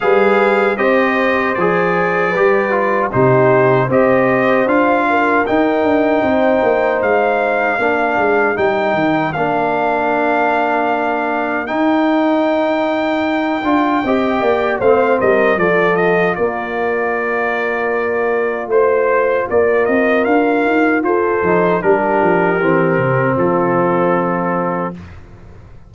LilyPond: <<
  \new Staff \with { instrumentName = "trumpet" } { \time 4/4 \tempo 4 = 77 f''4 dis''4 d''2 | c''4 dis''4 f''4 g''4~ | g''4 f''2 g''4 | f''2. g''4~ |
g''2. f''8 dis''8 | d''8 dis''8 d''2. | c''4 d''8 dis''8 f''4 c''4 | ais'2 a'2 | }
  \new Staff \with { instrumentName = "horn" } { \time 4/4 b'4 c''2 b'4 | g'4 c''4. ais'4. | c''2 ais'2~ | ais'1~ |
ais'2 dis''8 d''8 c''8 ais'8 | a'4 ais'2. | c''4 ais'2 a'4 | g'2 f'2 | }
  \new Staff \with { instrumentName = "trombone" } { \time 4/4 gis'4 g'4 gis'4 g'8 f'8 | dis'4 g'4 f'4 dis'4~ | dis'2 d'4 dis'4 | d'2. dis'4~ |
dis'4. f'8 g'4 c'4 | f'1~ | f'2.~ f'8 dis'8 | d'4 c'2. | }
  \new Staff \with { instrumentName = "tuba" } { \time 4/4 g4 c'4 f4 g4 | c4 c'4 d'4 dis'8 d'8 | c'8 ais8 gis4 ais8 gis8 g8 dis8 | ais2. dis'4~ |
dis'4. d'8 c'8 ais8 a8 g8 | f4 ais2. | a4 ais8 c'8 d'8 dis'8 f'8 f8 | g8 f8 e8 c8 f2 | }
>>